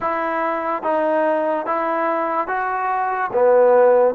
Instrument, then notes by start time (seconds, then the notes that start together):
trombone
0.00 E4
0.83 D#4
1.66 E4
2.47 F#4
3.33 B3